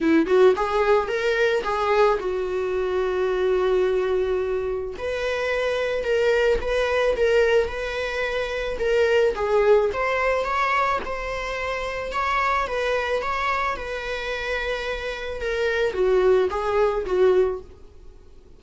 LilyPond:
\new Staff \with { instrumentName = "viola" } { \time 4/4 \tempo 4 = 109 e'8 fis'8 gis'4 ais'4 gis'4 | fis'1~ | fis'4 b'2 ais'4 | b'4 ais'4 b'2 |
ais'4 gis'4 c''4 cis''4 | c''2 cis''4 b'4 | cis''4 b'2. | ais'4 fis'4 gis'4 fis'4 | }